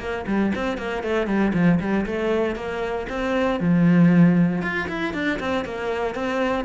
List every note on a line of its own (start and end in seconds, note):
0.00 0.26 A#3
0.27 0.53 G3
0.55 0.78 C4
0.78 1.03 A#3
1.03 1.27 A3
1.27 1.53 G3
1.54 1.79 F3
1.80 2.06 G3
2.06 2.56 A3
2.56 3.07 A#3
3.09 3.60 C4
3.60 4.62 F3
4.62 4.88 F4
4.89 5.14 E4
5.14 5.39 D4
5.40 5.65 C4
5.65 6.15 A#3
6.15 6.65 C4